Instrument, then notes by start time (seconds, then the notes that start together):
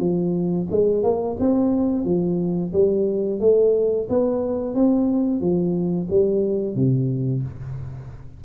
tuba
0.00 F3
0.71 G#3
1.04 A#3
1.40 C4
2.05 F3
2.73 G3
3.40 A3
4.09 B3
4.75 C4
5.41 F3
6.10 G3
6.75 C3